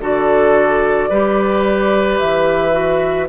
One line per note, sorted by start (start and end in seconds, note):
0.00 1.09 D3
0.00 1.10 F#4
0.00 1.09 A4
0.00 2.18 D5
1.09 2.19 G3
1.09 2.72 G4
1.09 3.27 B4
2.18 3.28 E3
2.18 3.27 E5
2.72 3.26 F#4